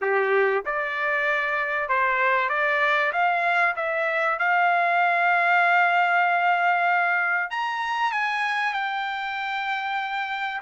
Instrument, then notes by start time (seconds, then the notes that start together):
trumpet
0.01 G4
0.65 D5
1.88 C5
2.49 D5
3.12 F5
3.76 E5
4.39 F5
7.50 A#5
8.12 G#5
8.73 G5